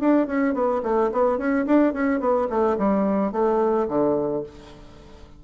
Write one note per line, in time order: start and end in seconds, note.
0.00 0.27 D4
0.27 0.54 C#4
0.54 0.82 B3
0.83 1.10 A3
1.12 1.38 B3
1.38 1.66 C#4
1.66 1.93 D4
1.93 2.20 C#4
2.20 2.48 B3
2.49 2.77 A3
2.78 3.32 G3
3.32 3.87 A3
3.88 4.43 D3